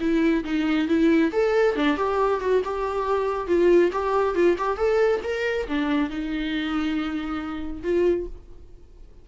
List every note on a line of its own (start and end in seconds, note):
0.00 0.43 E4
0.44 0.87 D#4
0.88 1.31 E4
1.32 1.75 A4
1.75 1.97 D4
1.97 2.40 G4
2.40 2.62 F#4
2.64 3.47 G4
3.47 3.91 F4
3.92 4.34 G4
4.34 4.56 F4
4.58 4.77 G4
4.77 5.21 A4
5.23 5.67 A#4
5.67 6.09 D4
6.09 7.83 D#4
7.83 8.26 F4